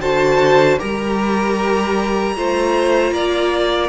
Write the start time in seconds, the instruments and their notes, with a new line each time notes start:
0.00 cello D3, viola F#4, violin C5 A5
0.78 cello G3, viola G4, violin A#4 A#5
2.36 cello A3, viola F4, violin C5
3.11 cello A#3, violin D5